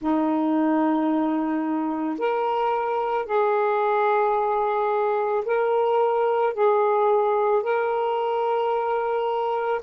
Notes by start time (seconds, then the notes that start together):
0.00 D#4
2.18 A#4
3.25 G#4
5.45 A#4
6.53 G#4
7.62 A#4